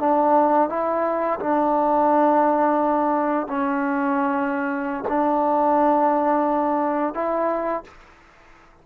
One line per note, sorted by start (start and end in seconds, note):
0.00 0.69 D4
0.69 1.39 E4
1.40 3.48 D4
3.48 5.05 C#4
5.09 7.14 D4
7.14 7.84 E4